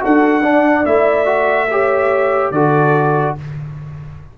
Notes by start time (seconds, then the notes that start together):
0.00 D4 F#4 A4 F#5
0.42 D4 D5
0.86 A3 E4 E5
1.26 F#4
1.71 G4 C#5
2.51 D3 F#4 A4 D5